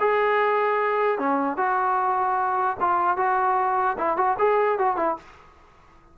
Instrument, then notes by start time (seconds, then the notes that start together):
trombone
0.00 G#4
1.19 C#4
1.57 F#4
2.81 F4
3.17 F#4
3.98 E4
4.18 F#4
4.39 G#4
4.79 F#4
4.97 E4